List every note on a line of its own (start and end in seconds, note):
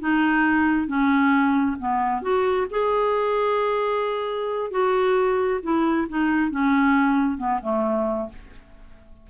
0.00 0.87 D#4
0.87 1.77 C#4
1.79 2.22 B3
2.22 2.67 F#4
2.71 4.71 G#4
4.71 5.61 F#4
5.63 6.08 E4
6.09 6.51 D#4
6.51 7.38 C#4
7.38 7.60 B3
7.62 8.29 A3